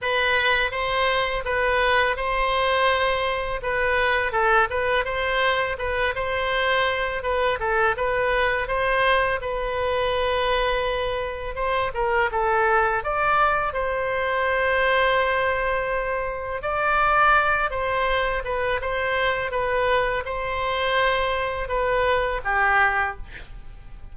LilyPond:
\new Staff \with { instrumentName = "oboe" } { \time 4/4 \tempo 4 = 83 b'4 c''4 b'4 c''4~ | c''4 b'4 a'8 b'8 c''4 | b'8 c''4. b'8 a'8 b'4 | c''4 b'2. |
c''8 ais'8 a'4 d''4 c''4~ | c''2. d''4~ | d''8 c''4 b'8 c''4 b'4 | c''2 b'4 g'4 | }